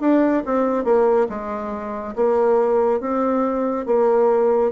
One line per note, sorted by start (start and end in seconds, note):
0.00 0.43 D4
0.45 0.84 C4
0.84 1.27 A#3
1.29 2.15 G#3
2.15 3.00 A#3
3.00 3.86 C4
3.86 4.71 A#3